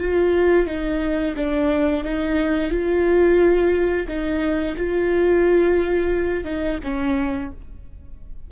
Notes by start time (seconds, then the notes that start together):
0.00 F4
0.67 D#4
1.36 D4
2.04 D#4
2.71 F4
4.08 D#4
4.77 F4
6.45 D#4
6.83 C#4